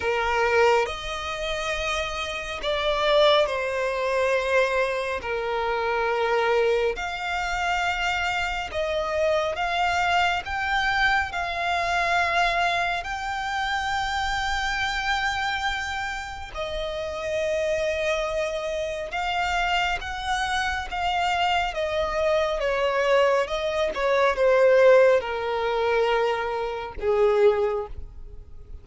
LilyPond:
\new Staff \with { instrumentName = "violin" } { \time 4/4 \tempo 4 = 69 ais'4 dis''2 d''4 | c''2 ais'2 | f''2 dis''4 f''4 | g''4 f''2 g''4~ |
g''2. dis''4~ | dis''2 f''4 fis''4 | f''4 dis''4 cis''4 dis''8 cis''8 | c''4 ais'2 gis'4 | }